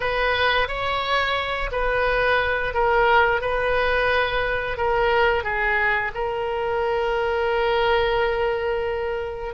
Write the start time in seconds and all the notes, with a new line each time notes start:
0.00 B4
0.68 C#5
1.71 B4
2.74 A#4
3.41 B4
4.77 A#4
5.43 G#4
6.14 A#4